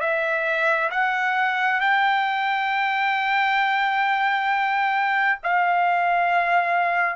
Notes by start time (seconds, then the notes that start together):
0.00 E5
0.90 F#5
1.80 G5
5.43 F5